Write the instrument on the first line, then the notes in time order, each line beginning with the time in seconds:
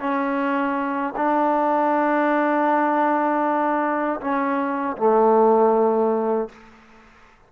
trombone
0.00 C#4
1.16 D4
4.20 C#4
4.97 A3